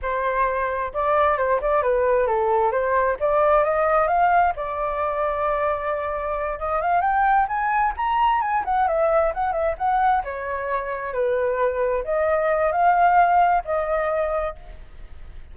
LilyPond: \new Staff \with { instrumentName = "flute" } { \time 4/4 \tempo 4 = 132 c''2 d''4 c''8 d''8 | b'4 a'4 c''4 d''4 | dis''4 f''4 d''2~ | d''2~ d''8 dis''8 f''8 g''8~ |
g''8 gis''4 ais''4 gis''8 fis''8 e''8~ | e''8 fis''8 e''8 fis''4 cis''4.~ | cis''8 b'2 dis''4. | f''2 dis''2 | }